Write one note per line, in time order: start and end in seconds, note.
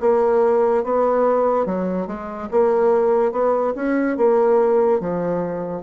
0.00 0.83 A#3
0.84 1.66 B3
1.66 2.07 F#3
2.07 2.48 G#3
2.51 3.31 A#3
3.31 3.73 B3
3.75 4.17 C#4
4.17 5.00 A#3
5.00 5.82 F3